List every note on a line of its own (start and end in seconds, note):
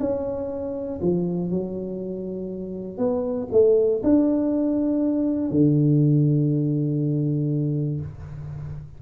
0.00 1.00 C#4
1.01 1.50 F3
1.50 2.98 F#3
2.98 3.48 B3
3.52 4.02 A3
4.03 5.51 D4
5.51 8.01 D3